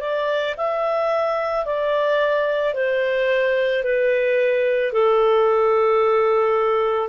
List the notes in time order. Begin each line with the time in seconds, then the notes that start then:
0.00 D5
0.57 E5
1.65 D5
2.74 C5
3.83 B4
4.92 A4